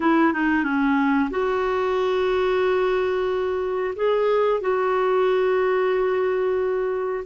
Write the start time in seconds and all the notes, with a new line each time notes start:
0.00 E4
0.33 D#4
0.63 C#4
1.30 F#4
3.95 G#4
4.60 F#4